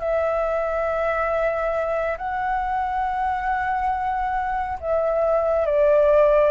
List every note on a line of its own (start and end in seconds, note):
0.00 2.17 E5
2.17 4.78 F#5
4.81 5.66 E5
5.66 6.51 D5